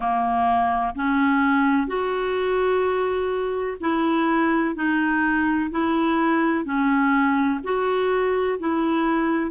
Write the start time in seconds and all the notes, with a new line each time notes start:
0.00 A#3
0.95 C#4
1.87 F#4
3.80 E4
4.74 D#4
5.70 E4
6.64 C#4
7.63 F#4
8.59 E4